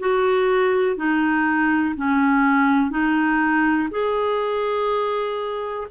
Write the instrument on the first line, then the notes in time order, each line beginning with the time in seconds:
clarinet
0.00 F#4
0.97 D#4
1.96 C#4
2.91 D#4
3.91 G#4